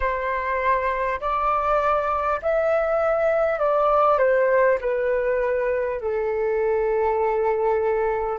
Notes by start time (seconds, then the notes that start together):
0.00 C5
1.20 D5
2.42 E5
3.59 D5
4.18 C5
4.80 B4
6.00 A4